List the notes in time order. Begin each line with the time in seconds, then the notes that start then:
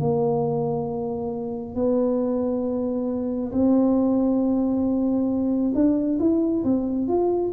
0.00 A#3
1.75 B3
3.53 C4
5.75 D4
6.20 E4
6.64 C4
7.08 F4